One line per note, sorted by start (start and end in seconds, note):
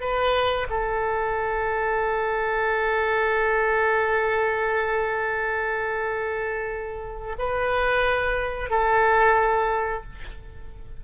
0.00 0.67 B4
0.69 7.36 A4
7.38 8.69 B4
8.69 10.03 A4